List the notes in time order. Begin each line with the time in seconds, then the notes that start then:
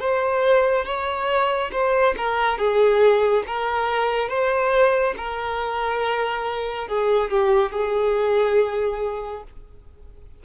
0.00 C5
0.85 C#5
1.72 C5
2.17 A#4
2.58 G#4
3.47 A#4
4.29 C5
5.17 A#4
6.88 G#4
7.30 G4
7.72 G#4